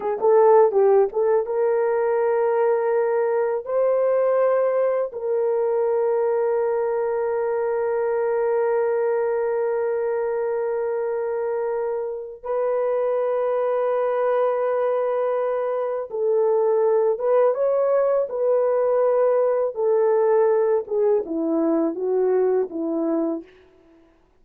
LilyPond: \new Staff \with { instrumentName = "horn" } { \time 4/4 \tempo 4 = 82 gis'16 a'8. g'8 a'8 ais'2~ | ais'4 c''2 ais'4~ | ais'1~ | ais'1~ |
ais'4 b'2.~ | b'2 a'4. b'8 | cis''4 b'2 a'4~ | a'8 gis'8 e'4 fis'4 e'4 | }